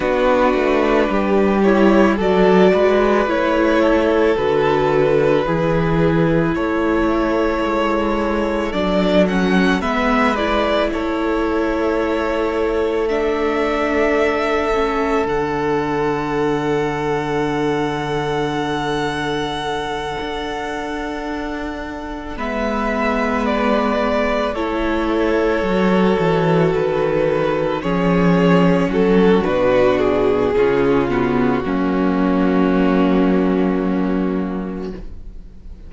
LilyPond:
<<
  \new Staff \with { instrumentName = "violin" } { \time 4/4 \tempo 4 = 55 b'4. cis''8 d''4 cis''4 | b'2 cis''2 | d''8 fis''8 e''8 d''8 cis''2 | e''2 fis''2~ |
fis''1~ | fis''8 e''4 d''4 cis''4.~ | cis''8 b'4 cis''4 a'8 b'8 gis'8~ | gis'8 fis'2.~ fis'8 | }
  \new Staff \with { instrumentName = "violin" } { \time 4/4 fis'4 g'4 a'8 b'4 a'8~ | a'4 gis'4 a'2~ | a'4 b'4 a'2~ | a'1~ |
a'1~ | a'8 b'2 a'4.~ | a'4. gis'4 fis'4. | f'4 cis'2. | }
  \new Staff \with { instrumentName = "viola" } { \time 4/4 d'4. e'8 fis'4 e'4 | fis'4 e'2. | d'8 cis'8 b8 e'2~ e'8 | d'4. cis'8 d'2~ |
d'1~ | d'8 b2 e'4 fis'8~ | fis'4. cis'4. d'4 | cis'8 b8 ais2. | }
  \new Staff \with { instrumentName = "cello" } { \time 4/4 b8 a8 g4 fis8 gis8 a4 | d4 e4 a4 gis4 | fis4 gis4 a2~ | a2 d2~ |
d2~ d8 d'4.~ | d'8 gis2 a4 fis8 | e8 dis4 f4 fis8 b,4 | cis4 fis2. | }
>>